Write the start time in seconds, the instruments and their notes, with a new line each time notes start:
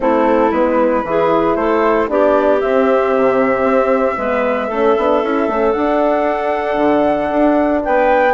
0.00 bassoon A3, horn C4, clarinet E4, flute A4
0.51 bassoon G#3, horn B3, flute B4
1.04 bassoon E3, horn E4, clarinet G#4
1.55 bassoon A3, clarinet A4, flute C5
2.07 bassoon B3, horn D4, clarinet G4, flute D5
2.60 horn C4, bassoon C4, flute E5
3.16 bassoon C3
3.63 bassoon C4
4.17 bassoon G#3, horn B3, clarinet B4
4.67 bassoon A3, horn C#4, clarinet A4
4.97 bassoon B3, horn D4
5.22 bassoon C#4, horn E4
5.48 bassoon A3, horn C#4
5.72 horn D4, bassoon D4, flute F#5
6.77 bassoon D3
7.30 bassoon D4
7.83 bassoon B3, clarinet B4, flute G5